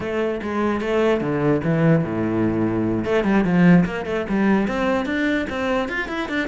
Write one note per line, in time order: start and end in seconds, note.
0.00 0.41 A3
0.42 0.80 G#3
0.80 1.20 A3
1.20 1.61 D3
1.63 2.04 E3
2.04 3.04 A2
3.04 3.24 A3
3.24 3.44 G3
3.44 3.84 F3
3.85 4.05 A#3
4.05 4.25 A3
4.29 4.67 G3
4.67 5.05 C4
5.05 5.46 D4
5.49 5.88 C4
5.88 6.08 F4
6.08 6.28 E4
6.28 6.48 D4